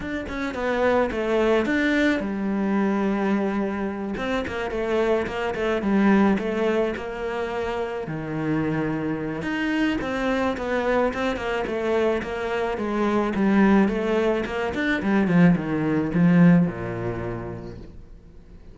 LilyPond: \new Staff \with { instrumentName = "cello" } { \time 4/4 \tempo 4 = 108 d'8 cis'8 b4 a4 d'4 | g2.~ g8 c'8 | ais8 a4 ais8 a8 g4 a8~ | a8 ais2 dis4.~ |
dis4 dis'4 c'4 b4 | c'8 ais8 a4 ais4 gis4 | g4 a4 ais8 d'8 g8 f8 | dis4 f4 ais,2 | }